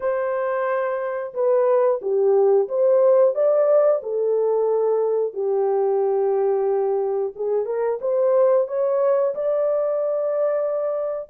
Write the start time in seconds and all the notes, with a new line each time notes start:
0.00 C5
1.34 B4
2.01 G4
2.68 C5
3.34 D5
4.02 A4
5.33 G4
7.35 G#4
7.65 A#4
8.01 C5
8.67 C#5
9.35 D5